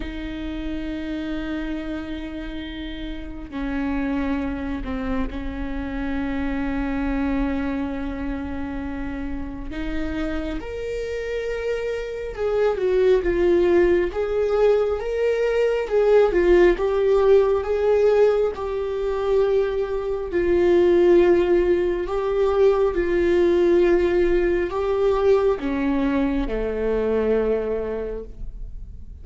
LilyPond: \new Staff \with { instrumentName = "viola" } { \time 4/4 \tempo 4 = 68 dis'1 | cis'4. c'8 cis'2~ | cis'2. dis'4 | ais'2 gis'8 fis'8 f'4 |
gis'4 ais'4 gis'8 f'8 g'4 | gis'4 g'2 f'4~ | f'4 g'4 f'2 | g'4 cis'4 a2 | }